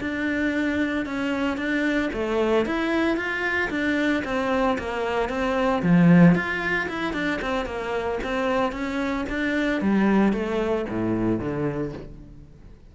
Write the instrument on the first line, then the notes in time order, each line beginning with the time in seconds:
cello
0.00 D4
1.05 C#4
1.57 D4
2.13 A3
2.65 E4
3.16 F4
3.70 D4
4.24 C4
4.78 A#3
5.29 C4
5.82 F3
6.35 F4
6.89 E4
7.13 D4
7.41 C4
7.65 A#3
8.23 C4
8.72 C#4
9.29 D4
9.81 G3
10.32 A3
10.88 A2
11.39 D3